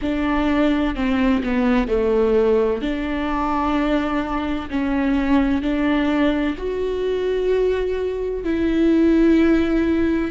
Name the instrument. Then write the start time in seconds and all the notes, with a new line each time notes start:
viola
0.01 D4
0.95 C4
1.43 B3
1.87 A3
2.81 D4
4.70 C#4
5.62 D4
6.57 F#4
8.44 E4